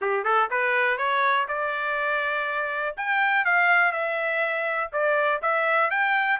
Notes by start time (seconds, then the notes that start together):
0.01 G4
0.24 A4
0.50 B4
0.97 C#5
1.48 D5
2.96 G5
3.44 F5
3.91 E5
4.92 D5
5.42 E5
5.90 G5